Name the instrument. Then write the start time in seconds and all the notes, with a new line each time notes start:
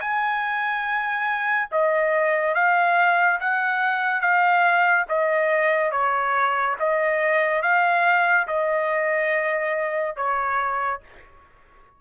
trumpet
0.00 G#5
1.71 D#5
2.54 F5
3.40 F#5
4.21 F5
5.09 D#5
5.91 C#5
6.79 D#5
7.62 F5
8.47 D#5
10.16 C#5